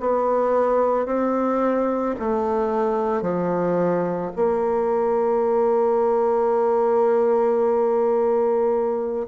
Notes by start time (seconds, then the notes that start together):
0.00 B3
1.06 C4
2.19 A3
3.21 F3
4.35 A#3